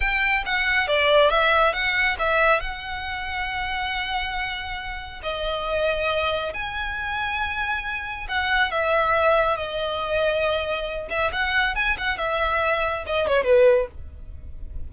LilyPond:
\new Staff \with { instrumentName = "violin" } { \time 4/4 \tempo 4 = 138 g''4 fis''4 d''4 e''4 | fis''4 e''4 fis''2~ | fis''1 | dis''2. gis''4~ |
gis''2. fis''4 | e''2 dis''2~ | dis''4. e''8 fis''4 gis''8 fis''8 | e''2 dis''8 cis''8 b'4 | }